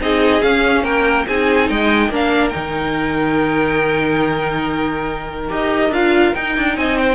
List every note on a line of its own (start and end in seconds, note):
0.00 0.42 C4
0.00 0.40 D#4
0.00 0.84 G#4
0.00 0.42 D#5
0.40 1.25 C#4
0.40 0.83 C#4
0.40 0.84 F5
0.83 1.25 A#3
0.83 1.26 A#4
0.83 1.26 G5
1.27 1.69 C4
1.27 2.11 D#4
1.27 1.69 G#4
1.27 1.68 G#5
1.68 2.09 G#3
1.68 2.11 D#5
1.68 2.11 G5
2.09 2.51 A#3
2.09 2.51 D4
2.09 6.76 A#4
2.15 2.49 F5
2.49 5.50 D#3
2.49 5.47 D#4
2.49 5.45 G5
5.49 5.90 D#4
5.49 5.91 G4
5.49 5.93 D#5
5.90 6.32 D4
5.90 6.34 F4
5.90 6.34 F5
6.34 7.15 D#4
6.34 6.56 D#4
6.34 6.77 G5
6.56 6.76 D4
6.76 7.15 C4
6.76 6.98 D#5
6.76 6.98 G#5
6.98 7.15 C5
6.98 7.15 G5